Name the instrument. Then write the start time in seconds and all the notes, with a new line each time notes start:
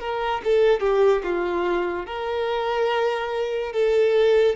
violin
0.00 A#4
0.44 A4
0.80 G4
1.23 F4
2.06 A#4
3.73 A4